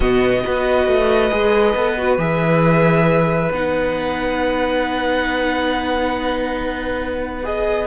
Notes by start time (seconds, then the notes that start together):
0.00 B2 B3 F#4 D#5
0.44 B3 F#4 B4
0.87 A3
1.31 G#3 G#4
1.75 B3 A4
1.97 F#4
2.17 E3 G#4 E5
3.51 B3 D#4 F#5
7.43 G#4 D#5